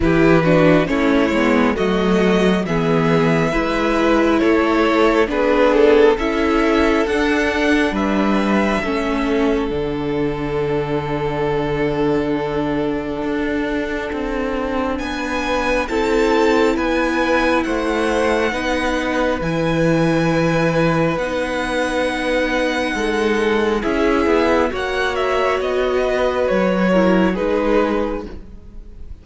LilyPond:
<<
  \new Staff \with { instrumentName = "violin" } { \time 4/4 \tempo 4 = 68 b'4 cis''4 dis''4 e''4~ | e''4 cis''4 b'8 a'8 e''4 | fis''4 e''2 fis''4~ | fis''1~ |
fis''4 gis''4 a''4 gis''4 | fis''2 gis''2 | fis''2. e''4 | fis''8 e''8 dis''4 cis''4 b'4 | }
  \new Staff \with { instrumentName = "violin" } { \time 4/4 g'8 fis'8 e'4 fis'4 gis'4 | b'4 a'4 gis'4 a'4~ | a'4 b'4 a'2~ | a'1~ |
a'4 b'4 a'4 b'4 | c''4 b'2.~ | b'2 a'4 gis'4 | cis''4. b'4 ais'8 gis'4 | }
  \new Staff \with { instrumentName = "viola" } { \time 4/4 e'8 d'8 cis'8 b8 a4 b4 | e'2 d'4 e'4 | d'2 cis'4 d'4~ | d'1~ |
d'2 e'2~ | e'4 dis'4 e'2 | dis'2. e'4 | fis'2~ fis'8 e'8 dis'4 | }
  \new Staff \with { instrumentName = "cello" } { \time 4/4 e4 a8 gis8 fis4 e4 | gis4 a4 b4 cis'4 | d'4 g4 a4 d4~ | d2. d'4 |
c'4 b4 c'4 b4 | a4 b4 e2 | b2 gis4 cis'8 b8 | ais4 b4 fis4 gis4 | }
>>